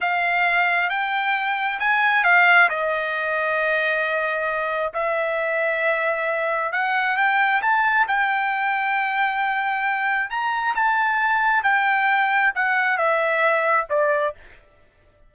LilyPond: \new Staff \with { instrumentName = "trumpet" } { \time 4/4 \tempo 4 = 134 f''2 g''2 | gis''4 f''4 dis''2~ | dis''2. e''4~ | e''2. fis''4 |
g''4 a''4 g''2~ | g''2. ais''4 | a''2 g''2 | fis''4 e''2 d''4 | }